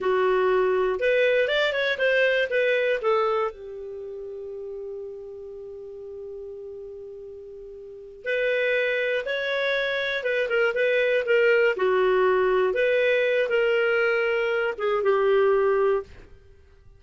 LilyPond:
\new Staff \with { instrumentName = "clarinet" } { \time 4/4 \tempo 4 = 120 fis'2 b'4 d''8 cis''8 | c''4 b'4 a'4 g'4~ | g'1~ | g'1~ |
g'8 b'2 cis''4.~ | cis''8 b'8 ais'8 b'4 ais'4 fis'8~ | fis'4. b'4. ais'4~ | ais'4. gis'8 g'2 | }